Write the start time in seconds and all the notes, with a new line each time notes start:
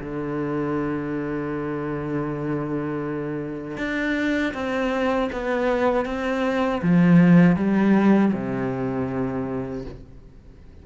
0.00 D3
3.78 D4
4.54 C4
5.32 B3
6.06 C4
6.82 F3
7.56 G3
8.33 C3